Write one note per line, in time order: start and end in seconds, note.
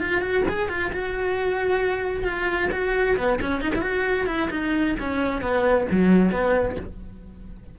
0.00 0.21 F4
0.21 0.43 F#4
0.48 0.69 G#4
0.69 0.91 F4
0.92 2.24 F#4
2.24 2.69 F4
2.72 3.17 F#4
3.17 3.40 B3
3.41 3.61 C#4
3.61 3.72 D#4
3.75 3.81 E4
3.81 4.27 F#4
4.27 4.49 E4
4.50 4.95 D#4
5.00 5.42 C#4
5.42 5.87 B3
5.91 6.31 F#3
6.31 6.76 B3